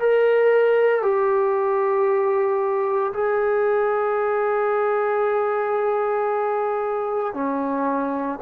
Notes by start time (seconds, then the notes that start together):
0.00 A#4
1.03 G4
3.14 G#4
7.34 C#4